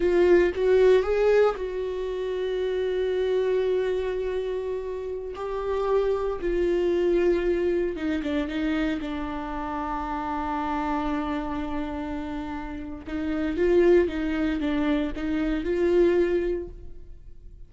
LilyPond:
\new Staff \with { instrumentName = "viola" } { \time 4/4 \tempo 4 = 115 f'4 fis'4 gis'4 fis'4~ | fis'1~ | fis'2~ fis'16 g'4.~ g'16~ | g'16 f'2. dis'8 d'16~ |
d'16 dis'4 d'2~ d'8.~ | d'1~ | d'4 dis'4 f'4 dis'4 | d'4 dis'4 f'2 | }